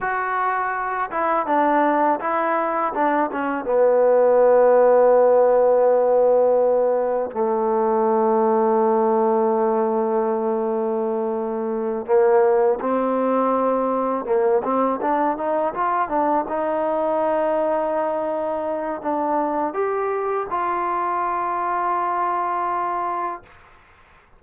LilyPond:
\new Staff \with { instrumentName = "trombone" } { \time 4/4 \tempo 4 = 82 fis'4. e'8 d'4 e'4 | d'8 cis'8 b2.~ | b2 a2~ | a1~ |
a8 ais4 c'2 ais8 | c'8 d'8 dis'8 f'8 d'8 dis'4.~ | dis'2 d'4 g'4 | f'1 | }